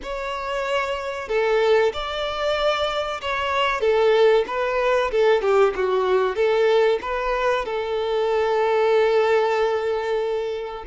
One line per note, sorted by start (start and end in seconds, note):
0.03 1.28 C#5
1.28 1.92 A4
1.93 3.21 D5
3.21 3.81 C#5
3.81 4.44 A4
4.47 5.11 B4
5.11 5.41 A4
5.41 5.73 G4
5.75 6.35 F#4
6.35 6.99 A4
7.01 7.65 B4
7.65 10.84 A4